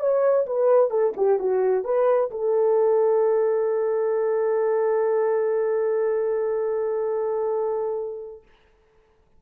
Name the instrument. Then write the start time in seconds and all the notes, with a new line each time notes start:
horn
0.00 C#5
0.47 B4
0.90 A4
1.17 G4
1.40 F#4
1.85 B4
2.31 A4